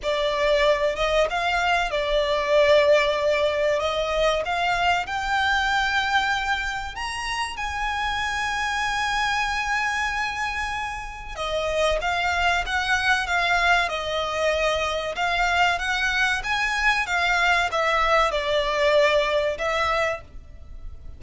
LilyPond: \new Staff \with { instrumentName = "violin" } { \time 4/4 \tempo 4 = 95 d''4. dis''8 f''4 d''4~ | d''2 dis''4 f''4 | g''2. ais''4 | gis''1~ |
gis''2 dis''4 f''4 | fis''4 f''4 dis''2 | f''4 fis''4 gis''4 f''4 | e''4 d''2 e''4 | }